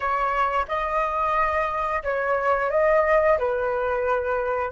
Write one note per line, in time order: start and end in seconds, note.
0.00 0.65 C#5
0.67 2.02 D#5
2.03 2.70 C#5
2.70 3.37 D#5
3.38 4.71 B4